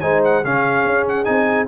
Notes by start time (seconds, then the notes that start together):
0.00 G#3 D#4 C5 G#5
0.24 F#5
0.43 C#3 C#4 G#4 F5
0.84 C#4
1.08 F#5
1.24 C4 D#4 G#5